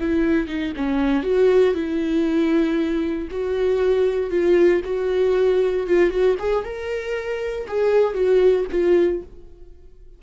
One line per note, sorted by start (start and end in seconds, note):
0.00 0.48 E4
0.48 0.73 D#4
0.77 1.24 C#4
1.24 1.75 F#4
1.75 3.28 E4
3.31 4.30 F#4
4.30 4.82 F4
4.84 5.87 F#4
5.87 6.10 F4
6.10 6.36 F#4
6.39 6.65 G#4
6.65 7.67 A#4
7.68 8.14 G#4
8.14 8.66 F#4
8.71 9.22 F4